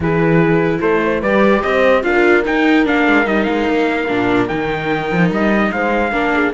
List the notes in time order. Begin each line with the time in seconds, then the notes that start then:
0.00 E3 E4 G#4 B4
0.80 A3 A4 C5
1.03 C5
1.21 G3 G4 B4 D5
1.62 C4 C5 D#5
2.03 D4 F4 A#4 F5
2.45 D#4 G5
2.84 A#3 D4 F5
3.07 G#3
3.24 G3 D#4 D#5
3.43 G#3 F5
3.68 A#3
4.08 A#2 D4
4.47 D#3 D#4 G5
5.11 F3
5.30 G3 D#5
5.71 G#3 C5 F5
6.11 A#3 D4 A#4
6.33 G#4